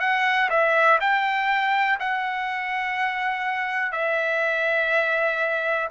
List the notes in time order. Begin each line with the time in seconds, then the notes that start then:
0.00 F#5
0.50 E5
1.01 G5
2.00 F#5
3.92 E5